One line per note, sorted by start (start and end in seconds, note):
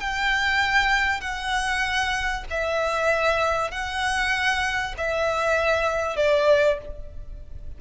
0.00 1.20 G5
1.20 2.44 F#5
2.50 3.71 E5
3.71 4.94 F#5
4.97 6.16 E5
6.16 6.78 D5